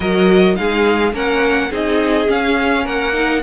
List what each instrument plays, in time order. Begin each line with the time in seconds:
0.00 cello F#3, viola F#4, violin A#4 D#5
0.55 cello G#3, viola D#4, violin G#4 F5
1.12 cello A#3, viola C#4, violin A#4 F#5
1.70 cello C4, viola D#4, violin G#4 D#5
2.27 viola C#4, cello C#4, violin F5
2.83 cello A#3, violin A#4 F#5
3.13 viola D#4